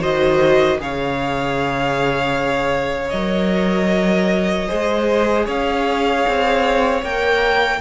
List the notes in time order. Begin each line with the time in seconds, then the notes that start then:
0.00 D#3 F#4 C5 D#5
0.78 C#3 G#4 C#5 F5
3.09 F#3 A#4 D#5
4.68 G#3 G#4 C5
5.45 C#4 C#5 F5
6.27 C4
7.02 A#3 A#4 G5